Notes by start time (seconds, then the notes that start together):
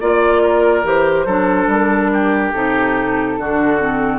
0.00 A#3 F4 D5
0.43 A#4
0.83 E3 G4 C5
1.25 F#3 D4 A4
1.66 G3 A#4
2.13 G4
2.52 C3 D#4 A4
3.38 D3 D4 F#4
3.80 C4